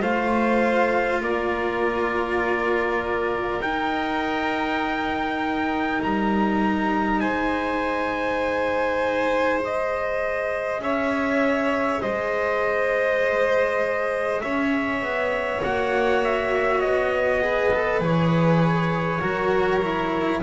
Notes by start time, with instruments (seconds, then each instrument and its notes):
0.00 double bass A3, cello F4, violin C5, trumpet F5
1.20 double bass A#3, violin A#4, trumpet D5
3.60 double bass D#4, cello D#4, trumpet G5
6.02 double bass G3, trumpet A#5
7.20 double bass G#3, violin C5, trumpet G#5
9.60 cello G#4, trumpet D#5
10.79 double bass C#4, violin C#5, trumpet E5
12.01 double bass G#3, violin C5, trumpet D#5
14.40 double bass C#4, violin C#5, trumpet E5
15.02 double bass B3
15.62 double bass A#3, cello F#4, trumpet F#5
16.24 trumpet E5
16.80 double bass B3, trumpet D#5
17.42 cello G#4, violin B4
17.73 cello A4
18.00 double bass E3, cello G#4, trumpet C#5
19.20 double bass F#3, cello F#4, violin A#4
19.82 cello E4